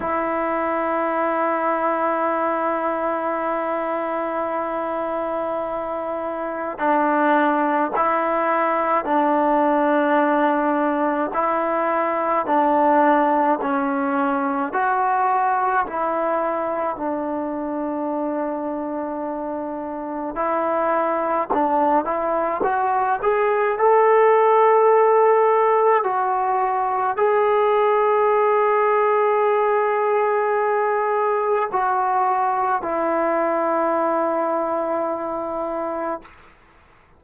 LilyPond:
\new Staff \with { instrumentName = "trombone" } { \time 4/4 \tempo 4 = 53 e'1~ | e'2 d'4 e'4 | d'2 e'4 d'4 | cis'4 fis'4 e'4 d'4~ |
d'2 e'4 d'8 e'8 | fis'8 gis'8 a'2 fis'4 | gis'1 | fis'4 e'2. | }